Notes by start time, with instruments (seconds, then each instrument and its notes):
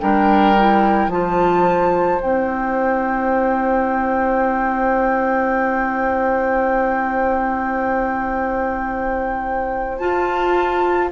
0.00 bassoon G3, clarinet D4, oboe A#4, flute G5
0.58 clarinet E4
1.08 bassoon F3, clarinet F4, oboe C5, flute A5
2.22 bassoon C4, clarinet E4, flute G5
9.99 clarinet F4, bassoon F4, flute A5